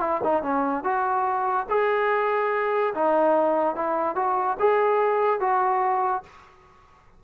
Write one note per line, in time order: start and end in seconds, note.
0.00 0.21 E4
0.24 0.42 D#4
0.42 0.84 C#4
0.84 1.66 F#4
1.69 2.93 G#4
2.94 3.75 D#4
3.75 4.15 E4
4.15 4.57 F#4
4.59 5.40 G#4
5.40 6.23 F#4